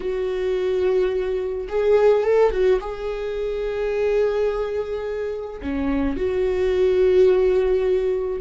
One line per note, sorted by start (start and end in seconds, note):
0.00 1.67 F#4
1.68 2.23 G#4
2.23 2.51 A4
2.51 2.79 F#4
2.80 5.60 G#4
5.61 6.17 C#4
6.17 8.41 F#4